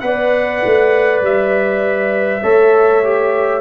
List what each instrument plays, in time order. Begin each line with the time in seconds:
0.00 tuba B3, trombone B4, horn D5, trumpet F#5
0.65 tuba A3
1.22 tuba G3, trumpet E5
2.43 tuba A3, trombone A4, horn C#5
3.03 trombone G4